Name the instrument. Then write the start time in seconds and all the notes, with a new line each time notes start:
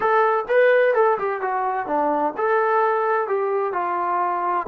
trombone
0.00 A4
0.48 B4
0.94 A4
1.18 G4
1.41 F#4
1.86 D4
2.37 A4
3.27 G4
3.73 F4